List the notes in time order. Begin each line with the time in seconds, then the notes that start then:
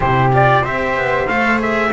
0.00 C3 E4 G4 C5
0.32 F4 D5
0.61 C4 G4 C5 E5
0.97 B3
1.27 A3 A4 F5
1.58 G#4 E5